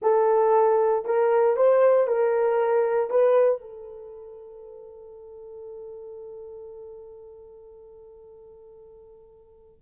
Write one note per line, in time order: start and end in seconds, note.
0.01 1.05 A4
1.05 1.56 A#4
1.56 2.07 C5
2.07 3.10 A#4
3.10 3.61 B4
3.61 9.81 A4